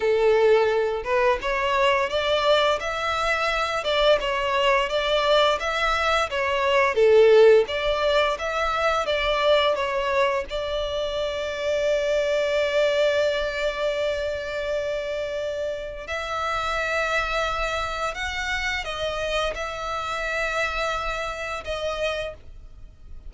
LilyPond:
\new Staff \with { instrumentName = "violin" } { \time 4/4 \tempo 4 = 86 a'4. b'8 cis''4 d''4 | e''4. d''8 cis''4 d''4 | e''4 cis''4 a'4 d''4 | e''4 d''4 cis''4 d''4~ |
d''1~ | d''2. e''4~ | e''2 fis''4 dis''4 | e''2. dis''4 | }